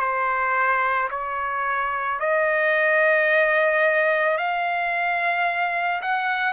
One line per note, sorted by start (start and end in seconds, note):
0.00 1.09 C5
1.11 2.20 C#5
2.20 4.38 D#5
4.38 6.01 F5
6.01 6.53 F#5